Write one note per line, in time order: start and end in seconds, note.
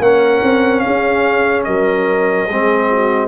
0.00 0.41 A#3
0.00 2.49 C#4
0.00 0.84 A#4
0.00 0.80 F#5
0.43 0.84 C4
0.80 1.67 G#4
0.80 1.62 F5
0.86 1.67 C#4
1.64 2.49 F#3
1.64 2.47 A#4
1.64 3.28 D#5
2.47 3.28 G#3
2.47 3.28 C4
2.47 2.88 G#4
2.91 3.28 F#4